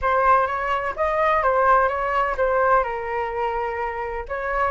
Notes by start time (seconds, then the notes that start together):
0.01 C5
0.46 C#5
0.96 D#5
1.42 C5
1.88 C#5
2.37 C5
2.83 A#4
4.28 C#5